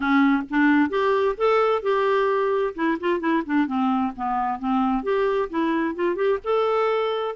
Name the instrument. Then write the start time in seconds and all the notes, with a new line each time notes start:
clarinet
0.00 C#4
0.50 D4
0.89 G4
1.37 A4
1.82 G4
2.75 E4
3.00 F4
3.20 E4
3.45 D4
3.66 C4
4.16 B3
4.59 C4
5.03 G4
5.49 E4
5.95 F4
6.15 G4
6.44 A4